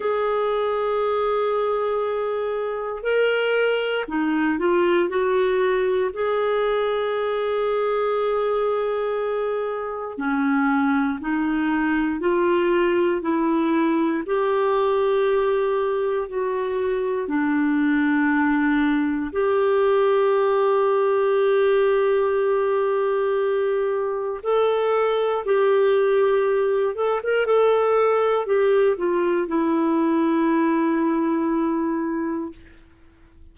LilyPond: \new Staff \with { instrumentName = "clarinet" } { \time 4/4 \tempo 4 = 59 gis'2. ais'4 | dis'8 f'8 fis'4 gis'2~ | gis'2 cis'4 dis'4 | f'4 e'4 g'2 |
fis'4 d'2 g'4~ | g'1 | a'4 g'4. a'16 ais'16 a'4 | g'8 f'8 e'2. | }